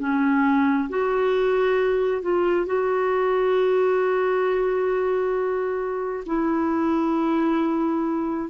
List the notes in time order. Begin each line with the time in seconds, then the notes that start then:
0.00 C#4
0.90 F#4
2.23 F4
2.66 F#4
6.26 E4